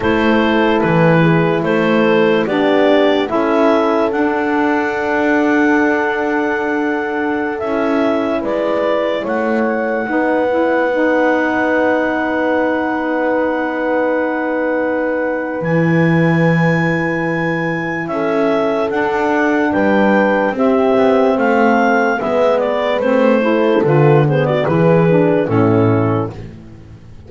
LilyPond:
<<
  \new Staff \with { instrumentName = "clarinet" } { \time 4/4 \tempo 4 = 73 c''4 b'4 c''4 d''4 | e''4 fis''2.~ | fis''4~ fis''16 e''4 d''4 fis''8.~ | fis''1~ |
fis''2. gis''4~ | gis''2 e''4 fis''4 | g''4 e''4 f''4 e''8 d''8 | c''4 b'8 c''16 d''16 b'4 a'4 | }
  \new Staff \with { instrumentName = "horn" } { \time 4/4 a'4. gis'8 a'4 g'4 | a'1~ | a'2~ a'16 b'4 cis''8.~ | cis''16 b'2.~ b'8.~ |
b'1~ | b'2 a'2 | b'4 g'4 a'4 b'4~ | b'8 a'4 gis'16 fis'16 gis'4 e'4 | }
  \new Staff \with { instrumentName = "saxophone" } { \time 4/4 e'2. d'4 | e'4 d'2.~ | d'4~ d'16 e'2~ e'8.~ | e'16 dis'8 e'8 dis'2~ dis'8.~ |
dis'2. e'4~ | e'2. d'4~ | d'4 c'2 b4 | c'8 e'8 f'8 b8 e'8 d'8 cis'4 | }
  \new Staff \with { instrumentName = "double bass" } { \time 4/4 a4 e4 a4 b4 | cis'4 d'2.~ | d'4~ d'16 cis'4 gis4 a8.~ | a16 b2.~ b8.~ |
b2. e4~ | e2 cis'4 d'4 | g4 c'8 b8 a4 gis4 | a4 d4 e4 a,4 | }
>>